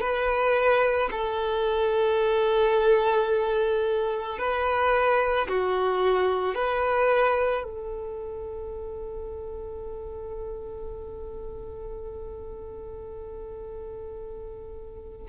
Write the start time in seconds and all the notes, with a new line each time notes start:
0.00 B4
1.11 A4
4.38 B4
5.48 F#4
6.55 B4
7.64 A4